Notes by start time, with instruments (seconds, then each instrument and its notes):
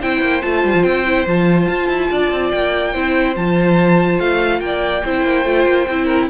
0.00 cello C4, viola E4, violin C5 G5
0.21 cello A#3
0.42 cello A3, viola F4, violin A5
0.65 cello G3
0.74 cello F3
0.84 cello C4, violin G5
1.06 viola E4
1.26 cello F3, viola F4, violin A5
1.68 cello F4
1.89 cello E4
2.11 cello D4, violin D5
2.32 cello C4
2.51 cello A#3, violin G5
2.92 cello C4, viola E4, violin C5
3.35 cello F3, viola F4, violin A5
4.19 cello A3, violin F5
4.60 cello A#3, violin D5 G5
5.04 cello C4, viola E4, violin C5
5.24 cello A#3
5.45 cello A3, viola F4
5.66 cello A#3
5.88 cello C4, viola E4
6.05 violin A#4